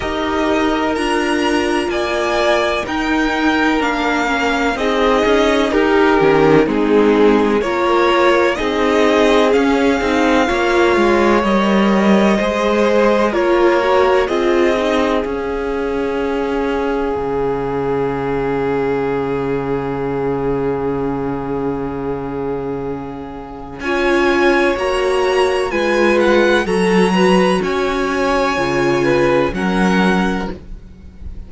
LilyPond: <<
  \new Staff \with { instrumentName = "violin" } { \time 4/4 \tempo 4 = 63 dis''4 ais''4 gis''4 g''4 | f''4 dis''4 ais'4 gis'4 | cis''4 dis''4 f''2 | dis''2 cis''4 dis''4 |
f''1~ | f''1~ | f''4 gis''4 ais''4 gis''8 fis''8 | ais''4 gis''2 fis''4 | }
  \new Staff \with { instrumentName = "violin" } { \time 4/4 ais'2 d''4 ais'4~ | ais'4 gis'4 g'4 dis'4 | ais'4 gis'2 cis''4~ | cis''4 c''4 ais'4 gis'4~ |
gis'1~ | gis'1~ | gis'4 cis''2 b'4 | a'8 b'8 cis''4. b'8 ais'4 | }
  \new Staff \with { instrumentName = "viola" } { \time 4/4 g'4 f'2 dis'4 | d'8 cis'8 dis'4. cis'8 c'4 | f'4 dis'4 cis'8 dis'8 f'4 | ais'4 gis'4 f'8 fis'8 f'8 dis'8 |
cis'1~ | cis'1~ | cis'4 f'4 fis'4 f'4 | fis'2 f'4 cis'4 | }
  \new Staff \with { instrumentName = "cello" } { \time 4/4 dis'4 d'4 ais4 dis'4 | ais4 c'8 cis'8 dis'8 dis8 gis4 | ais4 c'4 cis'8 c'8 ais8 gis8 | g4 gis4 ais4 c'4 |
cis'2 cis2~ | cis1~ | cis4 cis'4 ais4 gis4 | fis4 cis'4 cis4 fis4 | }
>>